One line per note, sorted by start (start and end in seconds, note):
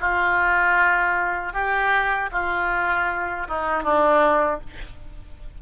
0.00 1.52 F4
1.52 2.29 G4
2.31 3.47 F4
3.47 3.83 D#4
3.83 4.60 D4